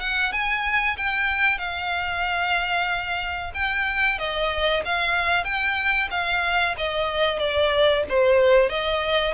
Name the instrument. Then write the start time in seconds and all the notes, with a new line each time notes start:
violin
0.00 F#5
0.32 G#5
0.96 G5
1.58 F5
3.54 G5
4.18 D#5
4.84 F5
5.44 G5
6.11 F5
6.77 D#5
7.39 D5
8.09 C5
8.69 D#5